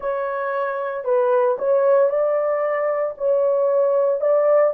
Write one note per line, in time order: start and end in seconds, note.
0.00 1.04 C#5
1.04 1.57 B4
1.58 2.09 C#5
2.09 3.14 D5
3.17 4.21 C#5
4.21 4.73 D5